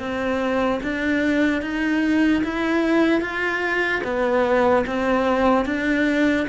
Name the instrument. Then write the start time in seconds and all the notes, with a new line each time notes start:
cello
0.00 C4
0.83 D4
1.63 D#4
2.44 E4
3.21 F4
4.04 B3
4.87 C4
5.66 D4